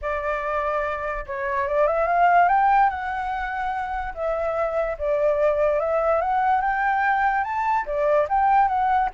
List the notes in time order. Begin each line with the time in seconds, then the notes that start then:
0.01 D5
1.26 C#5
1.67 D5
1.87 E5
2.07 F5
2.48 G5
2.89 F#5
4.14 E5
4.98 D5
5.79 E5
6.21 F#5
6.61 G5
7.44 A5
7.86 D5
8.29 G5
8.68 F#5